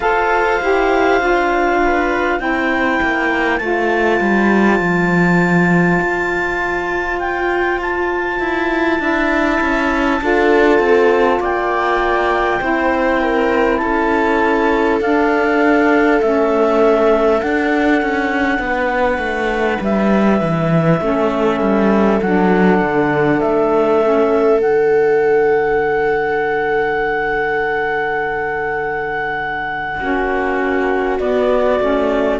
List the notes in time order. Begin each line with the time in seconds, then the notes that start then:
0.00 F4 A4 C5 F5
0.61 E4 G4
1.20 D4 F4
1.84 B4
2.39 C4 E4 C5 G5
3.02 A#3
3.58 A3 F4 A5
4.20 G3
4.79 F3
6.00 F4
7.19 G5
7.81 A5
8.39 E4
8.99 D4 E4 E5
9.61 C#4
10.20 D4 F4 A4
10.79 C4
11.39 A#3 D5 G5
12.60 C4 E4 C5
13.20 A#4
13.77 C#4 A4 A5
15.00 D4 F5
16.21 A3 C#4 E5
17.40 D4 F#5
18.02 C#4
18.58 B3 B4
19.18 A3
19.80 G3 E5
20.41 E3
21.00 A3 C#4 A4
21.60 G3
22.21 F#3 D4 F#5
22.81 D3
23.39 A3 E5
24.02 C#4
24.59 D3 D4 F#5
29.98 A#3 C#4 F#4
31.19 B3 D5
31.79 A3 C#4